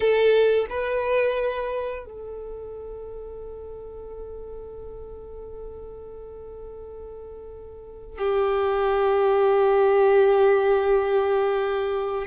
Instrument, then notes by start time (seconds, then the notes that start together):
violin
0.00 A4
0.69 B4
2.05 A4
8.18 G4